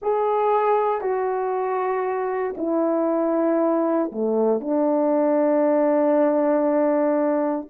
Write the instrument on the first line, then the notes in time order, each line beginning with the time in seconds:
horn
0.01 G#4
1.01 F#4
2.57 E4
4.12 A3
4.60 D4